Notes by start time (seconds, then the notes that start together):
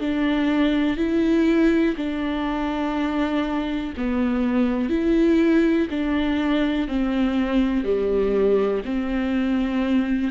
0.00 D4
0.97 E4
1.97 D4
3.97 B3
4.90 E4
5.91 D4
6.88 C4
7.85 G3
8.85 C4